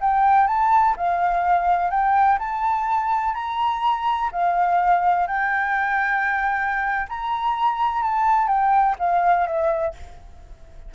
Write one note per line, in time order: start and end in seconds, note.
0.00 0.47 G5
0.47 0.95 A5
0.96 1.90 F5
1.90 2.38 G5
2.38 3.34 A5
3.34 4.30 A#5
4.32 5.27 F5
5.27 7.07 G5
7.08 8.02 A#5
8.02 8.47 A5
8.47 8.95 G5
8.98 9.46 F5
9.46 9.94 E5